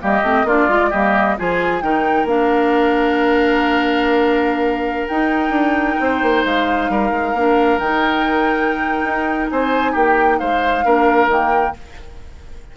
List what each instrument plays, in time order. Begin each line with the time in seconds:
0.00 bassoon G3, clarinet A#3, oboe G4, flute D#5
0.22 bassoon A3, clarinet C4
0.44 bassoon A#3, clarinet D4, oboe F4, flute D5
0.69 bassoon G#3, clarinet F4
0.90 bassoon G3, clarinet A#3, oboe G4, flute D#5
1.38 bassoon F3, clarinet F4, oboe G#4, flute G#5
1.81 bassoon D#3, clarinet D#4, oboe A#4, flute G5
2.24 bassoon A#3, clarinet D4, flute F5
5.08 clarinet D#4, bassoon D#4, flute G5
5.50 bassoon D4
6.00 bassoon C4, oboe C5
6.22 bassoon A#3
6.45 bassoon G#3, flute F5
6.90 bassoon G3, oboe A#4
7.11 bassoon G#3
7.34 bassoon A#3, clarinet D4
7.78 bassoon D#3, clarinet D#4, flute G5
9.04 bassoon D#4
9.50 bassoon C4, oboe C5, flute G#5
9.92 bassoon A#3, oboe G4, flute G5
10.38 bassoon G#3, oboe C5, flute F5
10.84 bassoon A#3, clarinet D4, oboe A#4
11.27 bassoon D#3, clarinet A#3, flute G5